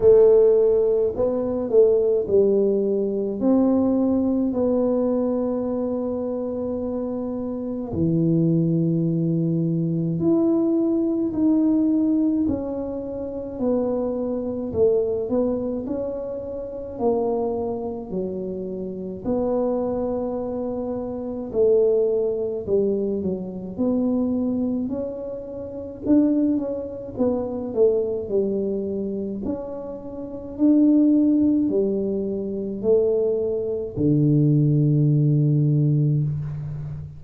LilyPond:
\new Staff \with { instrumentName = "tuba" } { \time 4/4 \tempo 4 = 53 a4 b8 a8 g4 c'4 | b2. e4~ | e4 e'4 dis'4 cis'4 | b4 a8 b8 cis'4 ais4 |
fis4 b2 a4 | g8 fis8 b4 cis'4 d'8 cis'8 | b8 a8 g4 cis'4 d'4 | g4 a4 d2 | }